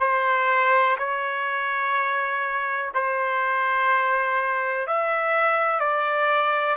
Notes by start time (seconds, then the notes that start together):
0.00 C5
0.98 C#5
2.94 C5
4.87 E5
5.80 D5